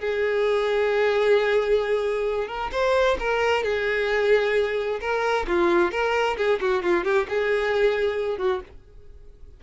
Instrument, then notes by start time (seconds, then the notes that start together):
violin
0.00 G#4
2.48 A#4
2.73 C5
3.20 A#4
3.64 G#4
5.01 A#4
5.48 F4
5.92 A#4
6.37 G#4
6.61 F#4
6.83 F4
7.05 G4
7.30 G#4
8.38 F#4